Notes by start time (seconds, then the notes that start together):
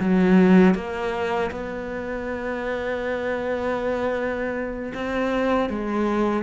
0.00 F#3
0.75 A#3
1.51 B3
4.95 C4
5.70 G#3